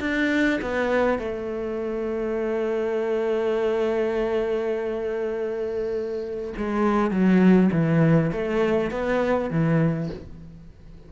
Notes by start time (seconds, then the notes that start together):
0.00 D4
0.62 B3
1.19 A3
6.57 G#3
7.11 F#3
7.72 E3
8.32 A3
8.91 B3
9.50 E3